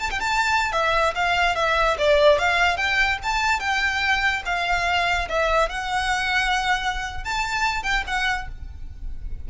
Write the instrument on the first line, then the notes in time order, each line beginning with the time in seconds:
violin
0.00 A5
0.11 G5
0.20 A5
0.72 E5
1.15 F5
1.56 E5
1.98 D5
2.38 F5
2.77 G5
3.23 A5
3.60 G5
4.45 F5
5.29 E5
5.69 F#5
7.24 A5
7.83 G5
8.07 F#5